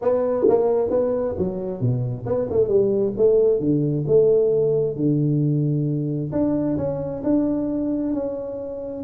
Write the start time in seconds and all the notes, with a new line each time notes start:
0.01 B3
0.48 A#3
0.90 B3
1.38 F#3
1.80 B2
2.26 B3
2.49 A3
2.68 G3
3.17 A3
3.59 D3
4.07 A3
4.95 D3
6.32 D4
6.77 C#4
7.23 D4
8.13 C#4